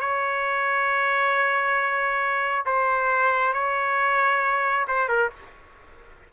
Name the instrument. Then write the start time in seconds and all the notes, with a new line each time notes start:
trumpet
0.00 C#5
2.66 C5
3.53 C#5
4.88 C5
5.08 A#4